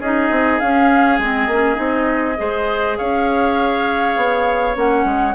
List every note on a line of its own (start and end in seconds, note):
0.00 0.30 C#4
0.00 0.62 D#4
0.00 2.38 G#4
0.00 0.60 D#5
0.30 0.60 C4
0.60 1.19 C#4
0.60 1.21 C#4
0.60 1.19 F5
1.19 1.47 G#3
1.19 1.51 C4
1.19 2.98 D#5
1.47 1.77 A#3
1.47 1.75 C#4
1.75 2.37 C4
1.75 2.35 D#4
2.37 2.99 G#3
2.37 4.75 G#4
2.37 2.98 C5
2.98 4.16 C#4
2.98 5.35 C#5
2.98 4.76 F5
4.16 4.76 B3
4.75 5.04 A#3
4.75 5.34 C#4
4.75 5.35 F#5
5.04 5.34 G#3